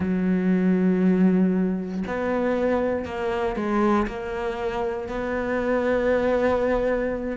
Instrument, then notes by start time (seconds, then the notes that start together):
cello
0.00 F#3
2.07 B3
3.05 A#3
3.56 G#3
4.07 A#3
5.08 B3